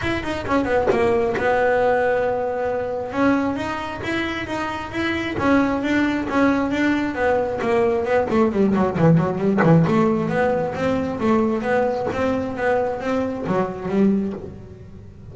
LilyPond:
\new Staff \with { instrumentName = "double bass" } { \time 4/4 \tempo 4 = 134 e'8 dis'8 cis'8 b8 ais4 b4~ | b2. cis'4 | dis'4 e'4 dis'4 e'4 | cis'4 d'4 cis'4 d'4 |
b4 ais4 b8 a8 g8 fis8 | e8 fis8 g8 e8 a4 b4 | c'4 a4 b4 c'4 | b4 c'4 fis4 g4 | }